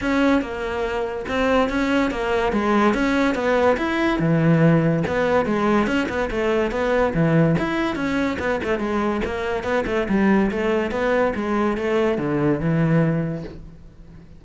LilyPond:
\new Staff \with { instrumentName = "cello" } { \time 4/4 \tempo 4 = 143 cis'4 ais2 c'4 | cis'4 ais4 gis4 cis'4 | b4 e'4 e2 | b4 gis4 cis'8 b8 a4 |
b4 e4 e'4 cis'4 | b8 a8 gis4 ais4 b8 a8 | g4 a4 b4 gis4 | a4 d4 e2 | }